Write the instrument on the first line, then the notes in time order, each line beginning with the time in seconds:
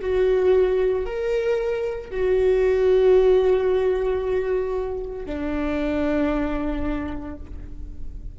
viola
0.00 F#4
1.05 A#4
2.10 F#4
5.25 D4